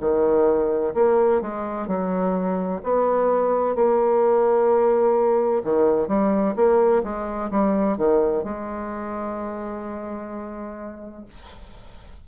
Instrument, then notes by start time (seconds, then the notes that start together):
bassoon
0.00 D#3
0.94 A#3
1.41 G#3
1.87 F#3
2.83 B3
3.75 A#3
5.64 D#3
6.08 G3
6.56 A#3
7.04 G#3
7.50 G3
7.97 D#3
8.44 G#3